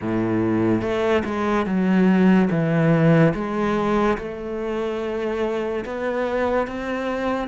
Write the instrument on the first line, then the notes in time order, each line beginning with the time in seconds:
cello
0.01 A2
0.81 A3
1.24 G#3
1.66 F#3
2.50 E3
3.34 G#3
4.17 A3
5.85 B3
6.67 C4